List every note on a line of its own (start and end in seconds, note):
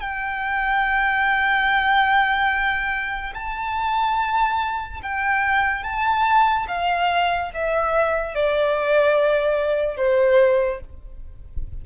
0.00 3.33 G5
3.34 5.00 A5
5.02 5.83 G5
5.83 6.66 A5
6.67 7.51 F5
7.53 8.34 E5
8.34 9.96 D5
9.96 10.80 C5